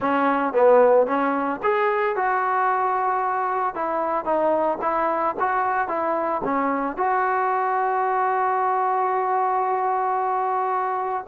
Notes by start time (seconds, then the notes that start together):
0.00 C#4
0.53 B3
1.06 C#4
1.62 G#4
2.16 F#4
3.75 E4
4.24 D#4
4.81 E4
5.39 F#4
5.88 E4
6.44 C#4
6.96 F#4